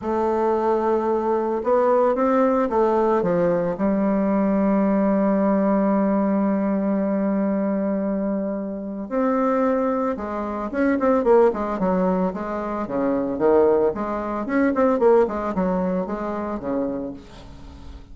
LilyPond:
\new Staff \with { instrumentName = "bassoon" } { \time 4/4 \tempo 4 = 112 a2. b4 | c'4 a4 f4 g4~ | g1~ | g1~ |
g4 c'2 gis4 | cis'8 c'8 ais8 gis8 fis4 gis4 | cis4 dis4 gis4 cis'8 c'8 | ais8 gis8 fis4 gis4 cis4 | }